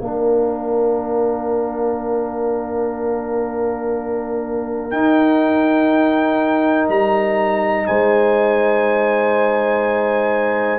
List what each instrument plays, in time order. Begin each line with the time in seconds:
0.00 tuba A#3, trombone D4, horn A#4, trumpet F5
4.90 trombone D#4, tuba D#4, trumpet G5
6.88 tuba G3, trumpet A#5
7.87 tuba G#3, horn C5, trumpet G#5